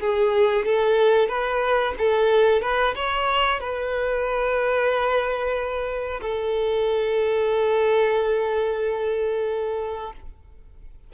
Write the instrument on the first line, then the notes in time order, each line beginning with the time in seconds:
violin
0.00 G#4
0.65 A4
1.28 B4
1.98 A4
2.61 B4
2.95 C#5
3.60 B4
6.21 A4